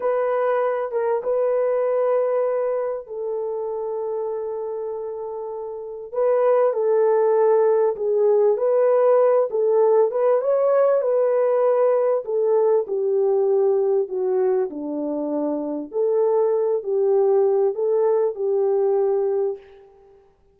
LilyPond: \new Staff \with { instrumentName = "horn" } { \time 4/4 \tempo 4 = 98 b'4. ais'8 b'2~ | b'4 a'2.~ | a'2 b'4 a'4~ | a'4 gis'4 b'4. a'8~ |
a'8 b'8 cis''4 b'2 | a'4 g'2 fis'4 | d'2 a'4. g'8~ | g'4 a'4 g'2 | }